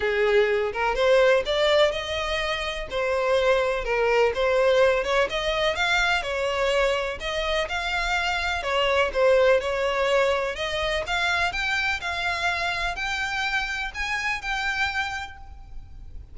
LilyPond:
\new Staff \with { instrumentName = "violin" } { \time 4/4 \tempo 4 = 125 gis'4. ais'8 c''4 d''4 | dis''2 c''2 | ais'4 c''4. cis''8 dis''4 | f''4 cis''2 dis''4 |
f''2 cis''4 c''4 | cis''2 dis''4 f''4 | g''4 f''2 g''4~ | g''4 gis''4 g''2 | }